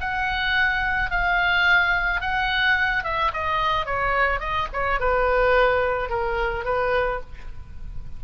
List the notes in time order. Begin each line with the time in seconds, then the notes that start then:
0.00 F#5
1.10 F5
2.21 F#5
3.04 E5
3.33 D#5
3.86 C#5
4.40 D#5
4.73 C#5
5.00 B4
6.09 A#4
6.64 B4